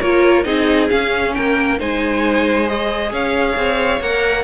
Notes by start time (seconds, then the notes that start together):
0.00 A#3 F4 A#4 C#5
0.44 C4 D#4 G#4 D#5
0.89 C#4 F5
1.34 A#3 A#4 G5
1.79 G#3 D#4 C5 G#5
2.67 G#4 D#5
3.11 C#4 C#5 F5
3.57 C4
4.00 A#3 A#4 F#5